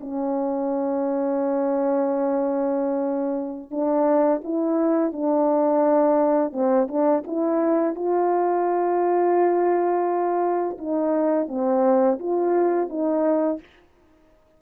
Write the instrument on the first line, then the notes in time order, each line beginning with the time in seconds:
horn
0.00 C#4
3.71 D4
4.43 E4
5.12 D4
6.52 C4
6.88 D4
7.26 E4
7.95 F4
10.78 D#4
11.48 C4
12.19 F4
12.89 D#4